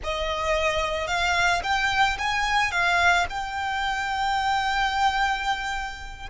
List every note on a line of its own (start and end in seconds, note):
0.03 1.07 D#5
1.07 1.61 F5
1.63 2.17 G5
2.18 2.71 G#5
2.71 3.26 F5
3.29 6.29 G5